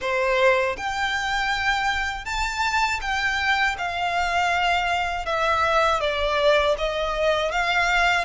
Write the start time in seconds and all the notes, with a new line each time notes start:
0.01 C5
0.77 G5
2.25 A5
3.01 G5
3.77 F5
5.25 E5
6.00 D5
6.77 D#5
7.51 F5